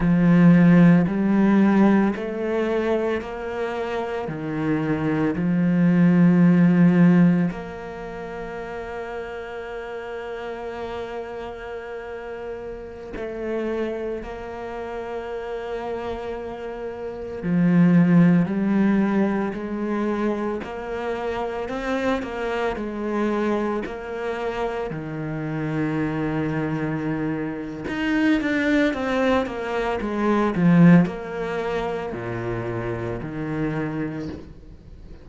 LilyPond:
\new Staff \with { instrumentName = "cello" } { \time 4/4 \tempo 4 = 56 f4 g4 a4 ais4 | dis4 f2 ais4~ | ais1~ | ais16 a4 ais2~ ais8.~ |
ais16 f4 g4 gis4 ais8.~ | ais16 c'8 ais8 gis4 ais4 dis8.~ | dis2 dis'8 d'8 c'8 ais8 | gis8 f8 ais4 ais,4 dis4 | }